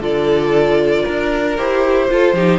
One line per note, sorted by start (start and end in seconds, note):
0.00 1.03 D3
0.00 1.56 F4
0.00 1.03 A4
0.00 1.57 D5
1.03 1.59 D4
1.03 2.07 A#4
1.57 2.10 E4
1.57 2.09 G4
1.57 2.60 C5
2.09 2.35 F4
2.09 2.34 F4
2.09 2.35 A4
2.34 2.59 F3
2.34 2.60 D#4
2.34 2.60 G4